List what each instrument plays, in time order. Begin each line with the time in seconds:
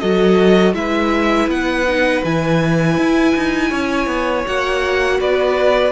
0.00 cello F#3, viola F#4, violin A4 D#5
0.74 cello G#3, viola E4, violin B4 E5
1.48 cello B3, violin F#5
1.88 viola D#4
2.24 cello E3, viola E4, violin G#5
2.98 cello E4
3.36 cello D#4
3.70 cello C#4, violin C#5
4.06 cello B3
4.46 cello A#3, viola F#4, violin F#5
5.20 cello B3, violin B4 D5